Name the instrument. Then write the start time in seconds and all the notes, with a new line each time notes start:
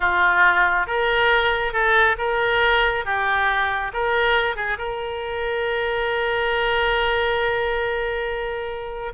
oboe
0.00 F4
0.87 A#4
1.73 A4
2.18 A#4
3.05 G4
3.93 A#4
4.56 G#4
4.77 A#4